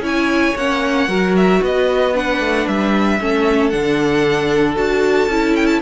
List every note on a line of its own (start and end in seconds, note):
0.00 0.53 C#4
0.00 0.55 E4
0.00 1.08 C#5
0.06 0.57 G#5
0.56 1.08 A#3
0.56 1.08 C#4
0.56 1.36 F#5
1.08 1.60 F#3
1.08 2.13 F#4
1.08 1.61 A#4
1.36 1.63 E5
1.62 2.40 B3
1.62 3.20 B4
1.62 2.16 D#5
2.14 3.19 D4
2.14 2.67 F#5
2.40 2.66 A3
2.67 3.20 G3
2.67 3.70 E5
3.20 3.73 A3
3.20 3.72 C#4
3.20 5.82 A4
3.70 4.76 D3
3.70 4.76 D4
3.70 4.75 F#5
4.76 5.28 D4
4.76 5.29 F#4
4.76 5.56 A5
5.28 5.80 C#4
5.28 5.82 E4
5.56 5.66 G5
5.66 5.80 A5